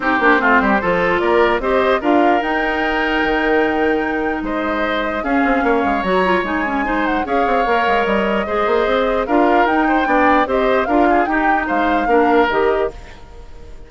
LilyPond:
<<
  \new Staff \with { instrumentName = "flute" } { \time 4/4 \tempo 4 = 149 c''2. d''4 | dis''4 f''4 g''2~ | g''2. dis''4~ | dis''4 f''2 ais''4 |
gis''4. fis''8 f''2 | dis''2. f''4 | g''2 dis''4 f''4 | g''4 f''2 dis''4 | }
  \new Staff \with { instrumentName = "oboe" } { \time 4/4 g'4 f'8 g'8 a'4 ais'4 | c''4 ais'2.~ | ais'2. c''4~ | c''4 gis'4 cis''2~ |
cis''4 c''4 cis''2~ | cis''4 c''2 ais'4~ | ais'8 c''8 d''4 c''4 ais'8 gis'8 | g'4 c''4 ais'2 | }
  \new Staff \with { instrumentName = "clarinet" } { \time 4/4 dis'8 d'8 c'4 f'2 | g'4 f'4 dis'2~ | dis'1~ | dis'4 cis'2 fis'8 f'8 |
dis'8 cis'8 dis'4 gis'4 ais'4~ | ais'4 gis'2 f'4 | dis'4 d'4 g'4 f'4 | dis'2 d'4 g'4 | }
  \new Staff \with { instrumentName = "bassoon" } { \time 4/4 c'8 ais8 a8 g8 f4 ais4 | c'4 d'4 dis'2 | dis2. gis4~ | gis4 cis'8 c'8 ais8 gis8 fis4 |
gis2 cis'8 c'8 ais8 gis8 | g4 gis8 ais8 c'4 d'4 | dis'4 b4 c'4 d'4 | dis'4 gis4 ais4 dis4 | }
>>